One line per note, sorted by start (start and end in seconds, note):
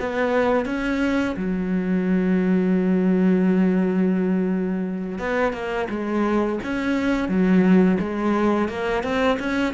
0.00 0.66 B3
0.66 1.35 C#4
1.37 5.18 F#3
5.18 5.53 B3
5.53 5.88 A#3
5.90 6.59 G#3
6.63 7.29 C#4
7.29 7.99 F#3
8.00 8.69 G#3
8.69 9.03 A#3
9.03 9.38 C4
9.40 9.74 C#4